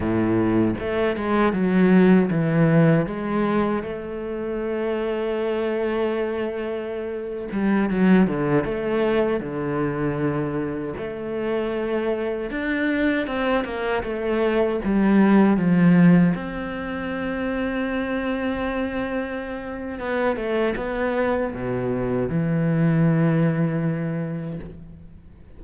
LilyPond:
\new Staff \with { instrumentName = "cello" } { \time 4/4 \tempo 4 = 78 a,4 a8 gis8 fis4 e4 | gis4 a2.~ | a4.~ a16 g8 fis8 d8 a8.~ | a16 d2 a4.~ a16~ |
a16 d'4 c'8 ais8 a4 g8.~ | g16 f4 c'2~ c'8.~ | c'2 b8 a8 b4 | b,4 e2. | }